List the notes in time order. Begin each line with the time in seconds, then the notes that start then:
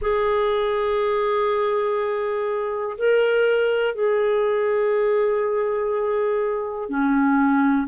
0.01 G#4
2.97 A#4
3.94 G#4
6.89 C#4